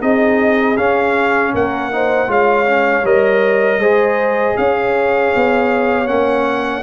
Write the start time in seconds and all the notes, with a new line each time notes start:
0.00 C4 D#4 G#4 D#5
0.77 C#4 F5
1.53 A#3 A#4 F#5
1.91 D#4 C5
2.27 G#3 F4 C#5 F5
2.66 C#4
3.03 G3 A#4 D#5
3.77 G#3 G#4 C5
4.56 C#4 C#5 F5
5.35 B3
6.06 A#3 C#4 F#5